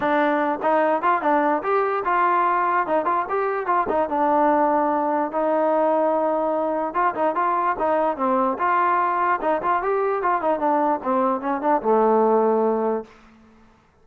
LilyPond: \new Staff \with { instrumentName = "trombone" } { \time 4/4 \tempo 4 = 147 d'4. dis'4 f'8 d'4 | g'4 f'2 dis'8 f'8 | g'4 f'8 dis'8 d'2~ | d'4 dis'2.~ |
dis'4 f'8 dis'8 f'4 dis'4 | c'4 f'2 dis'8 f'8 | g'4 f'8 dis'8 d'4 c'4 | cis'8 d'8 a2. | }